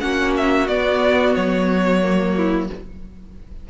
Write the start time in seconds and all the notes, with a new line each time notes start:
0.00 A#3 C#4 F#4 F#5
0.37 E5
0.68 B3 D5
1.35 F#3 C#5
2.02 A#3
2.36 E4